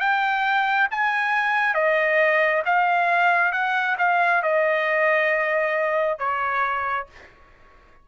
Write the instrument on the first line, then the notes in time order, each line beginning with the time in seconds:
trumpet
0.00 G5
0.91 G#5
1.74 D#5
2.66 F5
3.52 F#5
3.98 F5
4.43 D#5
6.19 C#5